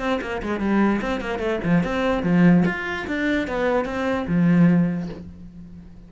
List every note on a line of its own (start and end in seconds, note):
0.00 0.20 C4
0.22 0.42 A#3
0.43 0.60 G#3
0.60 1.01 G3
1.02 1.21 C4
1.21 1.40 A#3
1.40 1.60 A3
1.64 1.84 F3
1.84 2.24 C4
2.24 2.64 F3
2.66 3.07 F4
3.07 3.48 D4
3.48 3.86 B3
3.86 4.26 C4
4.28 5.09 F3